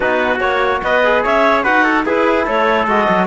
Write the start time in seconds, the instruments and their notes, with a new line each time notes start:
0.00 cello B3, trombone D#4, trumpet F#4, clarinet B4
0.40 cello A#3, trombone F#4, clarinet C#5
0.83 cello B3, trumpet B4, clarinet D#5
1.04 trombone G#4
1.23 cello C#4, trumpet C#5, clarinet E5
1.63 cello D#4, trombone F#4, trumpet B4, clarinet F#5
1.83 trumpet A4
2.05 cello E4, trombone E4, trumpet G#4, clarinet B4
2.45 cello A3, trumpet A4, clarinet C#5
2.86 cello G#3, trombone F#4, clarinet D#5
3.08 cello F#3